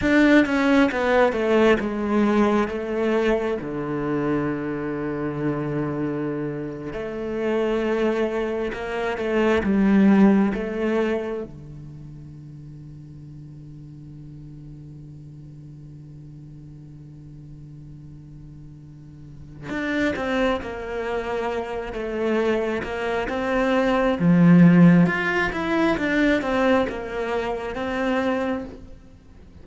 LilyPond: \new Staff \with { instrumentName = "cello" } { \time 4/4 \tempo 4 = 67 d'8 cis'8 b8 a8 gis4 a4 | d2.~ d8. a16~ | a4.~ a16 ais8 a8 g4 a16~ | a8. d2.~ d16~ |
d1~ | d2 d'8 c'8 ais4~ | ais8 a4 ais8 c'4 f4 | f'8 e'8 d'8 c'8 ais4 c'4 | }